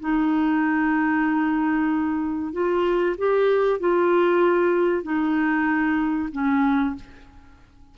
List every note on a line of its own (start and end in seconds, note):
0.00 2.52 D#4
2.52 3.15 F4
3.17 3.80 G4
3.80 5.03 F4
5.03 6.29 D#4
6.32 6.95 C#4